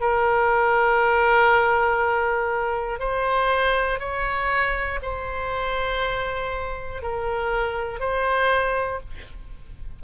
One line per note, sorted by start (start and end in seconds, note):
0.00 2.99 A#4
2.99 3.99 C5
3.99 4.99 C#5
5.02 7.02 C5
7.02 8.00 A#4
8.00 9.00 C5